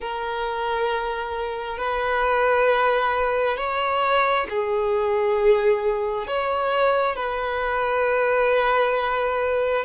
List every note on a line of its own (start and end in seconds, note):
0.00 1.77 A#4
1.77 3.57 B4
3.57 4.47 C#5
4.49 6.27 G#4
6.27 7.16 C#5
7.16 9.84 B4